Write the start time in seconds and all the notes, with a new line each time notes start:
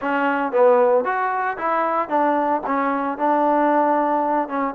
0.01 C#4
0.52 B3
1.04 F#4
1.57 E4
2.08 D4
2.66 C#4
3.17 D4
4.48 C#4